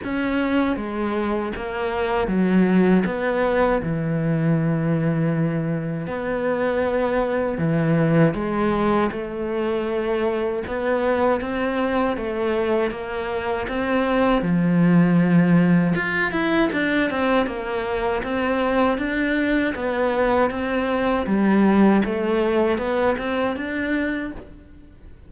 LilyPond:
\new Staff \with { instrumentName = "cello" } { \time 4/4 \tempo 4 = 79 cis'4 gis4 ais4 fis4 | b4 e2. | b2 e4 gis4 | a2 b4 c'4 |
a4 ais4 c'4 f4~ | f4 f'8 e'8 d'8 c'8 ais4 | c'4 d'4 b4 c'4 | g4 a4 b8 c'8 d'4 | }